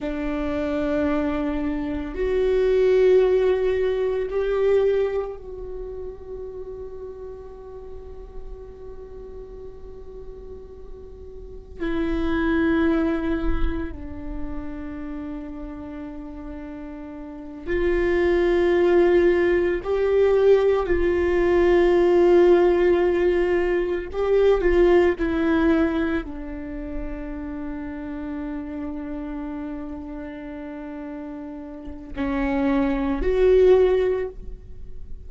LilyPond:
\new Staff \with { instrumentName = "viola" } { \time 4/4 \tempo 4 = 56 d'2 fis'2 | g'4 fis'2.~ | fis'2. e'4~ | e'4 d'2.~ |
d'8 f'2 g'4 f'8~ | f'2~ f'8 g'8 f'8 e'8~ | e'8 d'2.~ d'8~ | d'2 cis'4 fis'4 | }